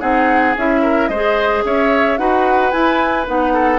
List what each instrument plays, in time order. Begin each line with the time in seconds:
0.00 bassoon C4, clarinet D#4, oboe G#4, flute F#5
0.56 bassoon C#4, clarinet E4, flute E5
0.82 oboe A#4
1.08 bassoon G#3, oboe C5, flute D#5
1.14 clarinet G#4
1.64 bassoon C#4, oboe C#5, flute E5
2.18 bassoon D#4, clarinet F#4, oboe B4, flute F#5
2.71 clarinet E4, bassoon E4, flute G#5
3.26 bassoon B3, clarinet D#4, flute F#5
3.53 oboe A4